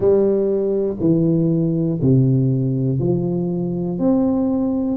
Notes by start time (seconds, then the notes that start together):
0.00 G3
1.00 E3
2.01 C3
2.99 F3
3.98 C4